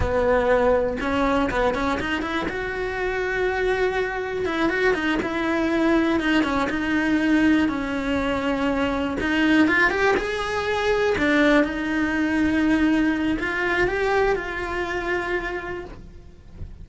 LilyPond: \new Staff \with { instrumentName = "cello" } { \time 4/4 \tempo 4 = 121 b2 cis'4 b8 cis'8 | dis'8 e'8 fis'2.~ | fis'4 e'8 fis'8 dis'8 e'4.~ | e'8 dis'8 cis'8 dis'2 cis'8~ |
cis'2~ cis'8 dis'4 f'8 | g'8 gis'2 d'4 dis'8~ | dis'2. f'4 | g'4 f'2. | }